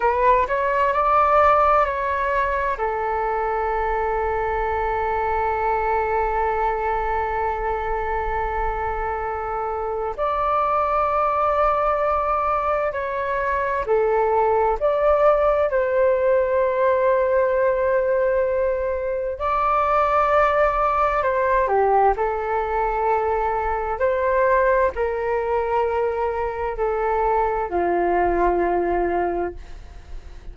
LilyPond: \new Staff \with { instrumentName = "flute" } { \time 4/4 \tempo 4 = 65 b'8 cis''8 d''4 cis''4 a'4~ | a'1~ | a'2. d''4~ | d''2 cis''4 a'4 |
d''4 c''2.~ | c''4 d''2 c''8 g'8 | a'2 c''4 ais'4~ | ais'4 a'4 f'2 | }